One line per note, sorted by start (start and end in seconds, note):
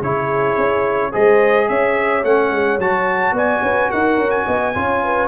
0.00 0.57 C#3
0.00 1.12 E4
0.00 1.11 G#4
0.00 1.14 C#5
0.58 1.13 C#4
1.12 1.69 G#3
1.12 2.23 G#4
1.12 1.67 C5
1.12 1.69 D#5
1.69 2.24 C#4
1.69 3.35 C#5
1.69 2.24 E5
2.24 2.51 A3
2.24 2.80 C#4
2.24 2.80 F#5
2.51 2.78 G#3
2.78 3.32 F#3
2.78 4.75 F#4
2.78 3.36 A5
3.32 3.60 B3
3.32 3.62 D5
3.32 3.91 G#5
3.62 3.90 C#4
3.62 3.90 B4
3.90 4.17 D#4
3.90 4.45 A#4
3.90 4.30 F#5
4.17 4.45 C#4
4.30 5.27 G#5
4.45 4.75 B3
4.45 4.73 D#5
4.74 5.27 C#4
4.74 5.27 F4
4.74 5.02 C#5
5.03 5.27 B4